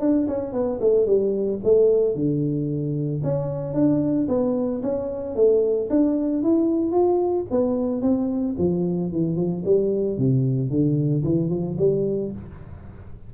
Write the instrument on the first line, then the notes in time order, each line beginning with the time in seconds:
tuba
0.00 D4
0.28 C#4
0.52 B3
0.81 A3
1.06 G3
1.64 A3
2.15 D3
3.23 C#4
3.74 D4
4.28 B3
4.82 C#4
5.35 A3
5.90 D4
6.43 E4
6.92 F4
7.51 B3
8.02 C4
8.58 F3
9.12 E3
9.36 F3
9.65 G3
10.18 C3
10.70 D3
11.24 E3
11.50 F3
11.78 G3